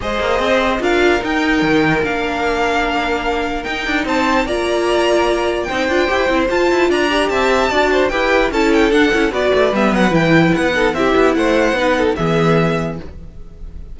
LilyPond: <<
  \new Staff \with { instrumentName = "violin" } { \time 4/4 \tempo 4 = 148 dis''2 f''4 g''4~ | g''4 f''2.~ | f''4 g''4 a''4 ais''4~ | ais''2 g''2 |
a''4 ais''4 a''2 | g''4 a''8 g''8 fis''4 d''4 | e''8 fis''8 g''4 fis''4 e''4 | fis''2 e''2 | }
  \new Staff \with { instrumentName = "violin" } { \time 4/4 c''2 ais'2~ | ais'1~ | ais'2 c''4 d''4~ | d''2 c''2~ |
c''4 d''4 e''4 d''8 c''8 | b'4 a'2 b'4~ | b'2~ b'8 a'8 g'4 | c''4 b'8 a'8 gis'2 | }
  \new Staff \with { instrumentName = "viola" } { \time 4/4 gis'2 f'4 dis'4~ | dis'4 d'2.~ | d'4 dis'2 f'4~ | f'2 dis'8 f'8 g'8 e'8 |
f'4. g'4. fis'4 | g'4 e'4 d'8 e'8 fis'4 | b4 e'4. dis'8 e'4~ | e'4 dis'4 b2 | }
  \new Staff \with { instrumentName = "cello" } { \time 4/4 gis8 ais8 c'4 d'4 dis'4 | dis4 ais2.~ | ais4 dis'8 d'8 c'4 ais4~ | ais2 c'8 d'8 e'8 c'8 |
f'8 e'8 d'4 c'4 d'4 | e'4 cis'4 d'8 cis'8 b8 a8 | g8 fis8 e4 b4 c'8 b8 | a4 b4 e2 | }
>>